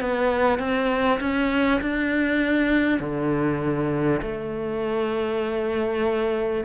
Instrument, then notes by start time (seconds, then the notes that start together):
cello
0.00 B3
0.59 C4
1.20 C#4
1.80 D4
3.00 D3
4.21 A3